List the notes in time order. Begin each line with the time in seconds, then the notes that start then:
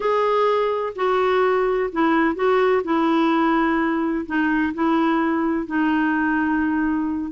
0.00 G#4
0.95 F#4
1.92 E4
2.35 F#4
2.83 E4
4.25 D#4
4.74 E4
5.66 D#4